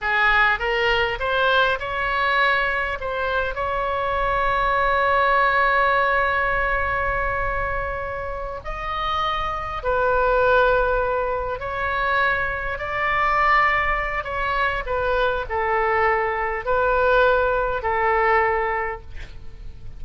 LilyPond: \new Staff \with { instrumentName = "oboe" } { \time 4/4 \tempo 4 = 101 gis'4 ais'4 c''4 cis''4~ | cis''4 c''4 cis''2~ | cis''1~ | cis''2~ cis''8 dis''4.~ |
dis''8 b'2. cis''8~ | cis''4. d''2~ d''8 | cis''4 b'4 a'2 | b'2 a'2 | }